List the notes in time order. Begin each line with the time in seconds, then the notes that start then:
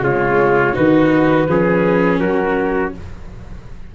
0.00 C#3 G#3 F4 C#5
0.73 D#3 D#4 F#4 B4
1.48 F3 C#4 G#4
2.19 F#3 F#4 A#4